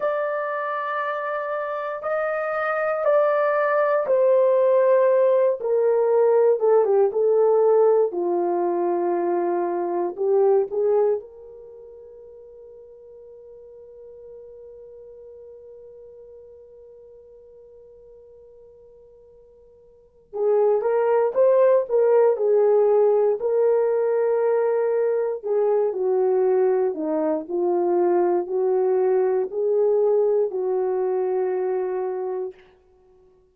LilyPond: \new Staff \with { instrumentName = "horn" } { \time 4/4 \tempo 4 = 59 d''2 dis''4 d''4 | c''4. ais'4 a'16 g'16 a'4 | f'2 g'8 gis'8 ais'4~ | ais'1~ |
ais'1 | gis'8 ais'8 c''8 ais'8 gis'4 ais'4~ | ais'4 gis'8 fis'4 dis'8 f'4 | fis'4 gis'4 fis'2 | }